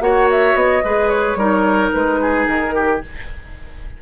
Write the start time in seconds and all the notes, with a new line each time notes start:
0.00 A#3 F#4 C#5 F#5
0.31 E5
0.54 B3 D#5
0.84 G#3 G#4 B4
1.09 C#5
1.35 G3 D#4 A#4
1.93 G#3 B4
2.21 G#4
2.46 D#3 A#4
2.74 G4